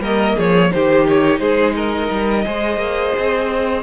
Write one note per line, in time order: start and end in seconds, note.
0.00 0.35 G3
0.00 0.71 A#3
0.00 0.35 A#4
0.00 0.38 D#5
0.35 0.73 F3
0.35 0.70 G#4
0.35 0.72 C#5
0.71 1.40 D#3
0.71 2.45 D#4
0.71 1.40 G4
0.71 1.06 C5
1.08 1.39 C#5
1.39 2.09 G#3
1.39 1.74 G#4
1.39 1.74 C5
1.75 2.45 A#4
1.75 3.83 D#5
2.10 2.45 G3
2.45 2.77 G#3
2.45 3.83 G#4
2.45 3.83 C5
2.77 3.11 A#3
3.18 3.83 C4